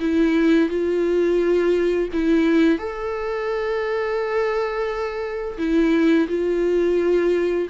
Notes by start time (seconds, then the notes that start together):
0.00 E4
0.69 F4
2.13 E4
2.78 A4
5.58 E4
6.29 F4